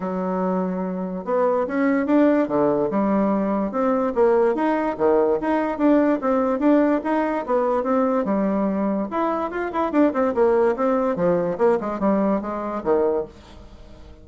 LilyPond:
\new Staff \with { instrumentName = "bassoon" } { \time 4/4 \tempo 4 = 145 fis2. b4 | cis'4 d'4 d4 g4~ | g4 c'4 ais4 dis'4 | dis4 dis'4 d'4 c'4 |
d'4 dis'4 b4 c'4 | g2 e'4 f'8 e'8 | d'8 c'8 ais4 c'4 f4 | ais8 gis8 g4 gis4 dis4 | }